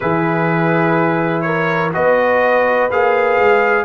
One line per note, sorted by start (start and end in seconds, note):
0.00 1.95 E3
0.00 1.92 E4
0.00 1.45 G#4
0.00 1.41 B4
1.41 1.94 A#4
1.41 1.90 C#5
1.92 2.90 B3
1.92 2.89 F#4
1.92 3.84 B4
1.92 2.91 D#5
2.90 3.38 A#3
2.90 3.84 G#4
2.90 3.84 F5
3.39 3.84 G#3